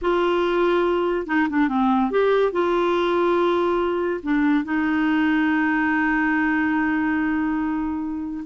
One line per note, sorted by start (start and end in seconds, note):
0.01 1.26 F4
1.26 1.48 D#4
1.49 1.68 D4
1.68 2.10 C4
2.10 2.52 G4
2.52 4.21 F4
4.22 4.64 D4
4.64 8.44 D#4